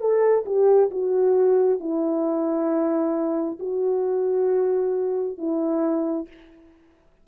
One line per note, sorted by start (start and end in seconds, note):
0.00 0.45 A4
0.45 0.90 G4
0.90 1.80 F#4
1.80 3.59 E4
3.59 5.38 F#4
5.38 6.27 E4